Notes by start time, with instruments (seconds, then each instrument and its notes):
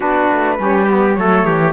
0.00 cello B3, saxophone D4, trumpet F#4, flute B4
0.31 cello A3
0.57 cello G3, saxophone C#4, trumpet G4
0.87 saxophone B3
1.14 cello F#3, saxophone A3, trumpet A4, flute C#5
1.44 cello E3, trumpet G4